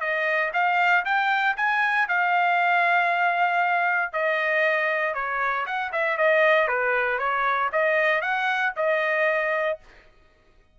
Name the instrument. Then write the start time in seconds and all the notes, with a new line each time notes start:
trumpet
0.00 D#5
0.53 F5
1.05 G5
1.57 G#5
2.08 F5
4.12 D#5
5.14 C#5
5.66 F#5
5.92 E5
6.17 D#5
6.67 B4
7.18 C#5
7.72 D#5
8.21 F#5
8.76 D#5